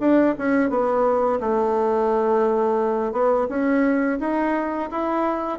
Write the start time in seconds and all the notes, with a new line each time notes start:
0.00 D4
0.38 C#4
0.70 B3
1.40 A3
3.12 B3
3.49 C#4
4.20 D#4
4.91 E4